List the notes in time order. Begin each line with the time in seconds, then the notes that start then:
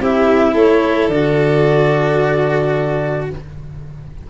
0.00 C4 E4 G4 E5
0.54 A3 A4 C#5
1.08 D3 F#4 D5